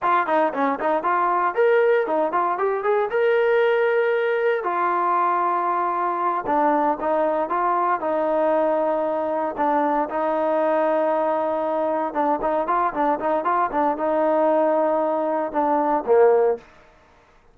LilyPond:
\new Staff \with { instrumentName = "trombone" } { \time 4/4 \tempo 4 = 116 f'8 dis'8 cis'8 dis'8 f'4 ais'4 | dis'8 f'8 g'8 gis'8 ais'2~ | ais'4 f'2.~ | f'8 d'4 dis'4 f'4 dis'8~ |
dis'2~ dis'8 d'4 dis'8~ | dis'2.~ dis'8 d'8 | dis'8 f'8 d'8 dis'8 f'8 d'8 dis'4~ | dis'2 d'4 ais4 | }